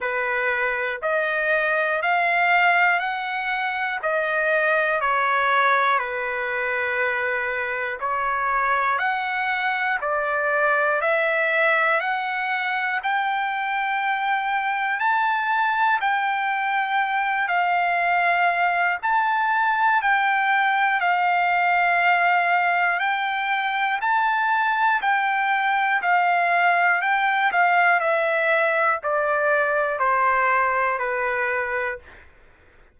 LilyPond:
\new Staff \with { instrumentName = "trumpet" } { \time 4/4 \tempo 4 = 60 b'4 dis''4 f''4 fis''4 | dis''4 cis''4 b'2 | cis''4 fis''4 d''4 e''4 | fis''4 g''2 a''4 |
g''4. f''4. a''4 | g''4 f''2 g''4 | a''4 g''4 f''4 g''8 f''8 | e''4 d''4 c''4 b'4 | }